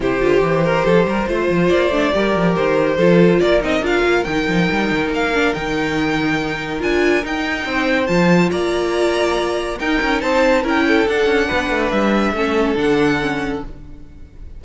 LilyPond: <<
  \new Staff \with { instrumentName = "violin" } { \time 4/4 \tempo 4 = 141 c''1 | d''2 c''2 | d''8 dis''8 f''4 g''2 | f''4 g''2. |
gis''4 g''2 a''4 | ais''2. g''4 | a''4 g''4 fis''2 | e''2 fis''2 | }
  \new Staff \with { instrumentName = "violin" } { \time 4/4 g'4. ais'8 a'8 ais'8 c''4~ | c''4 ais'2 a'4 | ais'1~ | ais'1~ |
ais'2 c''2 | d''2. ais'4 | c''4 ais'8 a'4. b'4~ | b'4 a'2. | }
  \new Staff \with { instrumentName = "viola" } { \time 4/4 e'8 f'8 g'2 f'4~ | f'8 d'8 g'2 f'4~ | f'8 dis'8 f'4 dis'2~ | dis'8 d'8 dis'2. |
f'4 dis'2 f'4~ | f'2. dis'4~ | dis'4 e'4 d'2~ | d'4 cis'4 d'4 cis'4 | }
  \new Staff \with { instrumentName = "cello" } { \time 4/4 c8 d8 e4 f8 g8 a8 f8 | ais8 a8 g8 f8 dis4 f4 | ais8 c'8 d'8 ais8 dis8 f8 g8 dis8 | ais4 dis2. |
d'4 dis'4 c'4 f4 | ais2. dis'8 cis'8 | c'4 cis'4 d'8 cis'8 b8 a8 | g4 a4 d2 | }
>>